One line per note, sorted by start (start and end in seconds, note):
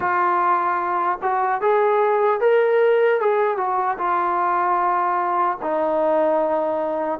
0.00 1.18 F4
1.21 1.61 F#4
1.61 2.40 G#4
2.40 3.20 A#4
3.20 3.57 G#4
3.57 3.97 F#4
3.97 5.57 F4
5.61 7.19 D#4